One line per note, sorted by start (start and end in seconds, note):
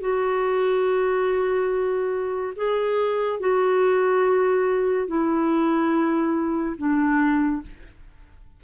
0.00 2.54 F#4
2.56 3.40 G#4
3.40 5.07 F#4
5.07 6.76 E4
6.77 7.62 D4